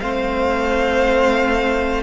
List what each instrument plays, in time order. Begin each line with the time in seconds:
0.00 cello A3, viola C4, violin C5 F5